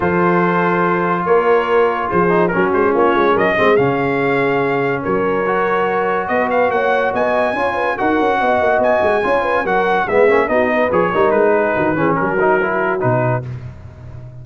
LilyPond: <<
  \new Staff \with { instrumentName = "trumpet" } { \time 4/4 \tempo 4 = 143 c''2. cis''4~ | cis''4 c''4 ais'8 c''8 cis''4 | dis''4 f''2. | cis''2. dis''8 f''8 |
fis''4 gis''2 fis''4~ | fis''4 gis''2 fis''4 | e''4 dis''4 cis''4 b'4~ | b'4 ais'2 b'4 | }
  \new Staff \with { instrumentName = "horn" } { \time 4/4 a'2. ais'4~ | ais'4 gis'4 fis'4 f'4 | ais'8 gis'2.~ gis'8 | ais'2. b'4 |
cis''4 dis''4 cis''8 b'8 ais'4 | dis''2 cis''8 b'8 ais'4 | gis'4 fis'8 b'4 ais'4 gis'8 | fis'8 gis'8 fis'2. | }
  \new Staff \with { instrumentName = "trombone" } { \time 4/4 f'1~ | f'4. dis'8 cis'2~ | cis'8 c'8 cis'2.~ | cis'4 fis'2.~ |
fis'2 f'4 fis'4~ | fis'2 f'4 fis'4 | b8 cis'8 dis'4 gis'8 dis'4.~ | dis'8 cis'4 dis'8 e'4 dis'4 | }
  \new Staff \with { instrumentName = "tuba" } { \time 4/4 f2. ais4~ | ais4 f4 fis8 gis8 ais8 gis8 | fis8 gis8 cis2. | fis2. b4 |
ais4 b4 cis'4 dis'8 cis'8 | b8 ais8 b8 gis8 cis'4 fis4 | gis8 ais8 b4 f8 g8 gis4 | dis8 e8 fis2 b,4 | }
>>